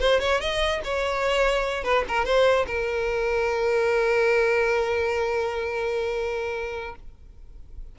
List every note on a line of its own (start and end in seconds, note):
0.00 0.20 C5
0.20 0.40 C#5
0.40 0.81 D#5
0.84 1.84 C#5
1.84 2.04 B4
2.08 2.25 A#4
2.25 2.66 C5
2.67 6.95 A#4